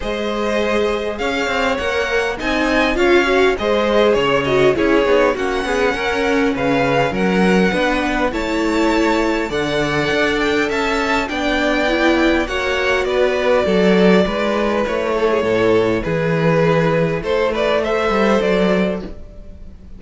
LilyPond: <<
  \new Staff \with { instrumentName = "violin" } { \time 4/4 \tempo 4 = 101 dis''2 f''4 fis''4 | gis''4 f''4 dis''4 cis''8 dis''8 | cis''4 fis''2 f''4 | fis''2 a''2 |
fis''4. g''8 a''4 g''4~ | g''4 fis''4 d''2~ | d''4 cis''2 b'4~ | b'4 c''8 d''8 e''4 d''4 | }
  \new Staff \with { instrumentName = "violin" } { \time 4/4 c''2 cis''2 | dis''4 cis''4 c''4 cis''4 | gis'4 fis'8 gis'8 ais'4 b'4 | ais'4 b'4 cis''2 |
d''2 e''4 d''4~ | d''4 cis''4 b'4 a'4 | b'4. a'16 gis'16 a'4 gis'4~ | gis'4 a'8 b'8 c''2 | }
  \new Staff \with { instrumentName = "viola" } { \time 4/4 gis'2. ais'4 | dis'4 f'8 fis'8 gis'4. fis'8 | e'8 dis'8 cis'2.~ | cis'4 d'4 e'2 |
a'2. d'4 | e'4 fis'2. | e'1~ | e'2 a'2 | }
  \new Staff \with { instrumentName = "cello" } { \time 4/4 gis2 cis'8 c'8 ais4 | c'4 cis'4 gis4 cis4 | cis'8 b8 ais8 b8 cis'4 cis4 | fis4 b4 a2 |
d4 d'4 cis'4 b4~ | b4 ais4 b4 fis4 | gis4 a4 a,4 e4~ | e4 a4. g8 fis4 | }
>>